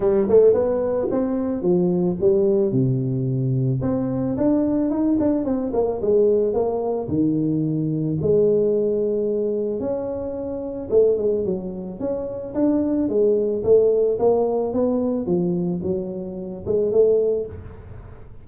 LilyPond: \new Staff \with { instrumentName = "tuba" } { \time 4/4 \tempo 4 = 110 g8 a8 b4 c'4 f4 | g4 c2 c'4 | d'4 dis'8 d'8 c'8 ais8 gis4 | ais4 dis2 gis4~ |
gis2 cis'2 | a8 gis8 fis4 cis'4 d'4 | gis4 a4 ais4 b4 | f4 fis4. gis8 a4 | }